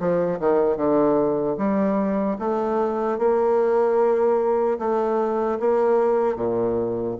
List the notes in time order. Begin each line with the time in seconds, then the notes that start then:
0.00 F3
0.40 D#3
0.77 D3
1.58 G3
2.39 A3
3.19 A#3
4.79 A3
5.60 A#3
6.36 A#2